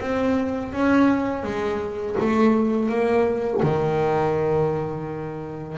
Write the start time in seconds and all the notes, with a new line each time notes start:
0.00 C4
0.72 C#4
1.43 G#3
2.19 A3
2.88 A#3
3.62 D#3